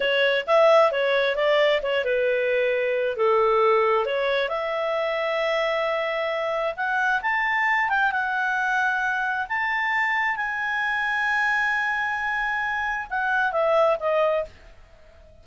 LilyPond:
\new Staff \with { instrumentName = "clarinet" } { \time 4/4 \tempo 4 = 133 cis''4 e''4 cis''4 d''4 | cis''8 b'2~ b'8 a'4~ | a'4 cis''4 e''2~ | e''2. fis''4 |
a''4. g''8 fis''2~ | fis''4 a''2 gis''4~ | gis''1~ | gis''4 fis''4 e''4 dis''4 | }